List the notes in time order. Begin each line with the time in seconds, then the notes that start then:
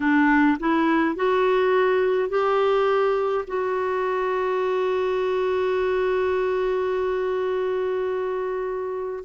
0.00 D4
0.59 E4
1.15 F#4
2.29 G4
3.47 F#4